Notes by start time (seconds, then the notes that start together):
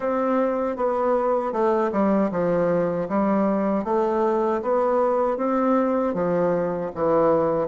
0.00 C4
0.76 B3
1.52 A3
1.92 G3
2.31 F3
3.08 G3
3.84 A3
4.62 B3
5.37 C4
6.14 F3
6.94 E3